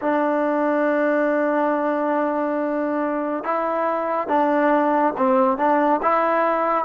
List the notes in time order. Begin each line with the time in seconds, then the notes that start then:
0.01 D4
3.44 E4
4.27 D4
5.17 C4
5.57 D4
6.02 E4